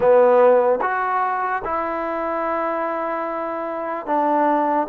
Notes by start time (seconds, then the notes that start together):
0.00 B3
0.81 F#4
1.64 E4
4.06 D4